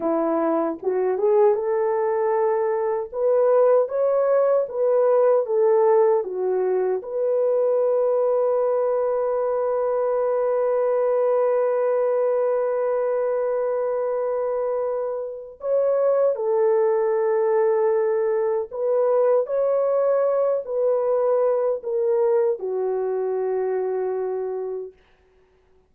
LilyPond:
\new Staff \with { instrumentName = "horn" } { \time 4/4 \tempo 4 = 77 e'4 fis'8 gis'8 a'2 | b'4 cis''4 b'4 a'4 | fis'4 b'2.~ | b'1~ |
b'1 | cis''4 a'2. | b'4 cis''4. b'4. | ais'4 fis'2. | }